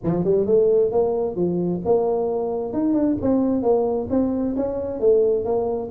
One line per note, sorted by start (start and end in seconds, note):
0.03 0.24 F3
0.24 0.45 G3
0.45 0.91 A3
0.91 1.35 A#3
1.35 1.81 F3
1.85 2.73 A#3
2.73 2.93 D#4
2.93 3.16 D4
3.21 3.62 C4
3.62 4.08 A#3
4.10 4.55 C4
4.56 5.00 C#4
5.00 5.44 A3
5.44 5.90 A#3